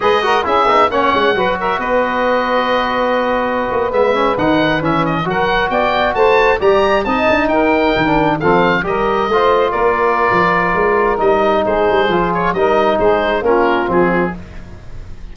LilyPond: <<
  \new Staff \with { instrumentName = "oboe" } { \time 4/4 \tempo 4 = 134 dis''4 e''4 fis''4. e''8 | dis''1~ | dis''8. e''4 fis''4 e''8 dis''8 fis''16~ | fis''8. g''4 a''4 ais''4 a''16~ |
a''8. g''2 f''4 dis''16~ | dis''4.~ dis''16 d''2~ d''16~ | d''4 dis''4 c''4. cis''8 | dis''4 c''4 ais'4 gis'4 | }
  \new Staff \with { instrumentName = "saxophone" } { \time 4/4 b'8 ais'8 gis'4 cis''4 b'8 ais'8 | b'1~ | b'2.~ b'8. ais'16~ | ais'8. d''4 c''4 d''4 dis''16~ |
dis''8. ais'2 a'4 ais'16~ | ais'8. c''4 ais'2~ ais'16~ | ais'2 gis'2 | ais'4 gis'4 f'2 | }
  \new Staff \with { instrumentName = "trombone" } { \time 4/4 gis'8 fis'8 e'8 dis'8 cis'4 fis'4~ | fis'1~ | fis'8. b8 cis'8 dis'4 cis'4 fis'16~ | fis'2~ fis'8. g'4 dis'16~ |
dis'2 d'8. c'4 g'16~ | g'8. f'2.~ f'16~ | f'4 dis'2 f'4 | dis'2 cis'4 c'4 | }
  \new Staff \with { instrumentName = "tuba" } { \time 4/4 gis4 cis'8 b8 ais8 gis8 fis4 | b1~ | b16 ais8 gis4 dis4 e4 fis16~ | fis8. b4 a4 g4 c'16~ |
c'16 d'8 dis'4 dis4 f4 g16~ | g8. a4 ais4~ ais16 f4 | gis4 g4 gis8 g8 f4 | g4 gis4 ais4 f4 | }
>>